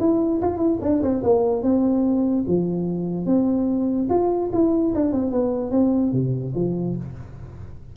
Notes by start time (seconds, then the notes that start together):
0.00 E4
0.42 F4
0.58 E4
0.82 D4
1.03 C4
1.23 A#3
1.63 C4
2.48 F3
3.26 C4
4.10 F4
4.53 E4
4.95 D4
5.13 C4
5.32 B3
5.72 C4
6.13 C3
6.55 F3